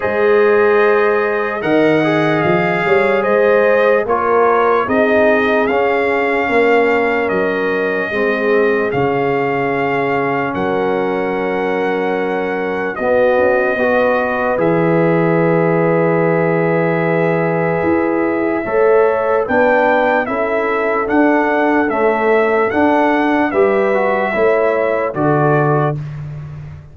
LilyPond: <<
  \new Staff \with { instrumentName = "trumpet" } { \time 4/4 \tempo 4 = 74 dis''2 fis''4 f''4 | dis''4 cis''4 dis''4 f''4~ | f''4 dis''2 f''4~ | f''4 fis''2. |
dis''2 e''2~ | e''1 | g''4 e''4 fis''4 e''4 | fis''4 e''2 d''4 | }
  \new Staff \with { instrumentName = "horn" } { \time 4/4 c''2 dis''4. cis''8 | c''4 ais'4 gis'2 | ais'2 gis'2~ | gis'4 ais'2. |
fis'4 b'2.~ | b'2. cis''4 | b'4 a'2.~ | a'4 b'4 cis''4 a'4 | }
  \new Staff \with { instrumentName = "trombone" } { \time 4/4 gis'2 ais'8 gis'4.~ | gis'4 f'4 dis'4 cis'4~ | cis'2 c'4 cis'4~ | cis'1 |
b4 fis'4 gis'2~ | gis'2. a'4 | d'4 e'4 d'4 a4 | d'4 g'8 fis'8 e'4 fis'4 | }
  \new Staff \with { instrumentName = "tuba" } { \time 4/4 gis2 dis4 f8 g8 | gis4 ais4 c'4 cis'4 | ais4 fis4 gis4 cis4~ | cis4 fis2. |
b8 cis'8 b4 e2~ | e2 e'4 a4 | b4 cis'4 d'4 cis'4 | d'4 g4 a4 d4 | }
>>